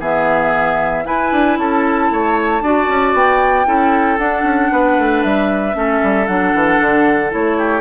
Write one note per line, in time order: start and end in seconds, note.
0.00 1.04 E3
0.00 1.05 B3
0.00 1.04 G#4
0.00 1.06 E5
1.05 2.61 E4
1.05 1.32 E4
1.05 1.58 B4
1.05 1.58 G#5
1.32 1.58 D4
1.58 2.10 C#4
1.58 2.12 A4
1.58 3.15 A5
2.10 2.61 A3
2.10 2.63 C#5
2.61 2.87 D4
2.61 3.65 F#4
2.61 3.67 D5
2.88 3.14 C#4
3.14 3.66 B3
3.14 4.18 G5
3.65 4.18 C#4
3.65 4.17 E4
3.65 4.71 A4
4.18 4.43 D4
4.18 5.73 D4
4.18 5.22 F#5
4.43 4.69 C#4
4.72 4.98 B3
4.72 5.76 B4
4.98 5.24 A3
5.23 5.75 G3
5.23 6.27 E5
5.73 6.01 A3
5.73 6.26 C#4
5.73 7.58 A4
6.03 6.28 G3
6.27 6.54 F#3
6.27 7.30 D4
6.27 7.31 F#5
6.54 6.80 E3
6.80 7.33 D3
7.30 7.81 A3
7.30 7.81 E4
7.30 7.81 C#5
7.58 7.81 G4